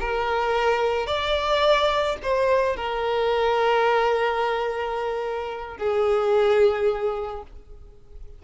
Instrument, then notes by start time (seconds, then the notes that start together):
violin
0.00 A#4
1.07 D5
2.23 C5
2.76 A#4
5.78 G#4